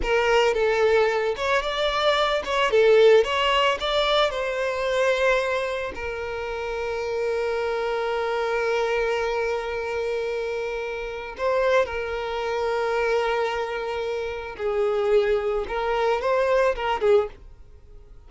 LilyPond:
\new Staff \with { instrumentName = "violin" } { \time 4/4 \tempo 4 = 111 ais'4 a'4. cis''8 d''4~ | d''8 cis''8 a'4 cis''4 d''4 | c''2. ais'4~ | ais'1~ |
ais'1~ | ais'4 c''4 ais'2~ | ais'2. gis'4~ | gis'4 ais'4 c''4 ais'8 gis'8 | }